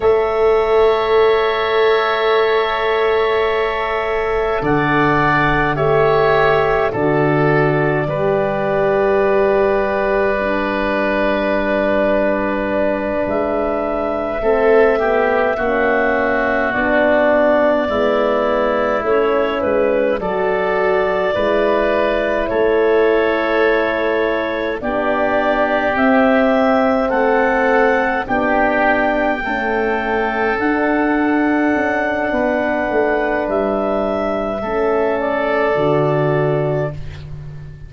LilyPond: <<
  \new Staff \with { instrumentName = "clarinet" } { \time 4/4 \tempo 4 = 52 e''1 | fis''4 e''4 d''2~ | d''2.~ d''8 e''8~ | e''2~ e''8 d''4.~ |
d''8 cis''8 b'8 d''2 cis''8~ | cis''4. d''4 e''4 fis''8~ | fis''8 g''2 fis''4.~ | fis''4 e''4. d''4. | }
  \new Staff \with { instrumentName = "oboe" } { \time 4/4 cis''1 | d''4 cis''4 a'4 b'4~ | b'1~ | b'8 a'8 g'8 fis'2 e'8~ |
e'4. a'4 b'4 a'8~ | a'4. g'2 a'8~ | a'8 g'4 a'2~ a'8 | b'2 a'2 | }
  \new Staff \with { instrumentName = "horn" } { \time 4/4 a'1~ | a'4 g'4 fis'4 g'4~ | g'4 d'2.~ | d'8 c'8 b8 cis'4 d'4 b8~ |
b8 cis'4 fis'4 e'4.~ | e'4. d'4 c'4.~ | c'8 d'4 a4 d'4.~ | d'2 cis'4 fis'4 | }
  \new Staff \with { instrumentName = "tuba" } { \time 4/4 a1 | d4 a4 d4 g4~ | g2.~ g8 gis8~ | gis8 a4 ais4 b4 gis8~ |
gis8 a8 gis8 fis4 gis4 a8~ | a4. b4 c'4 a8~ | a8 b4 cis'4 d'4 cis'8 | b8 a8 g4 a4 d4 | }
>>